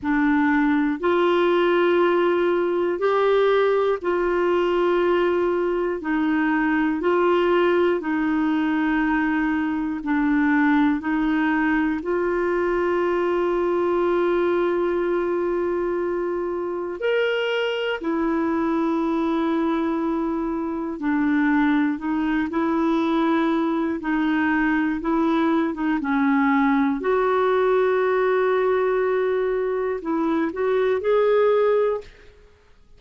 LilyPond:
\new Staff \with { instrumentName = "clarinet" } { \time 4/4 \tempo 4 = 60 d'4 f'2 g'4 | f'2 dis'4 f'4 | dis'2 d'4 dis'4 | f'1~ |
f'4 ais'4 e'2~ | e'4 d'4 dis'8 e'4. | dis'4 e'8. dis'16 cis'4 fis'4~ | fis'2 e'8 fis'8 gis'4 | }